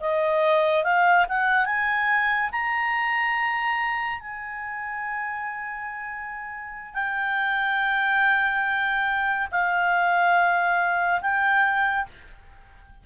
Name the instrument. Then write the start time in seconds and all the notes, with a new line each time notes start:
clarinet
0.00 D#5
0.84 F5
1.28 F#5
1.65 G#5
2.52 A#5
4.20 G#5
6.94 G5
9.51 F5
11.21 G5